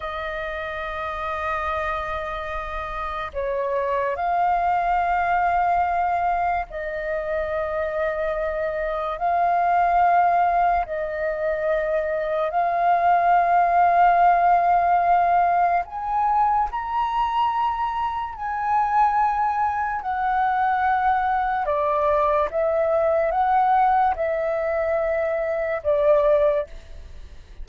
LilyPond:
\new Staff \with { instrumentName = "flute" } { \time 4/4 \tempo 4 = 72 dis''1 | cis''4 f''2. | dis''2. f''4~ | f''4 dis''2 f''4~ |
f''2. gis''4 | ais''2 gis''2 | fis''2 d''4 e''4 | fis''4 e''2 d''4 | }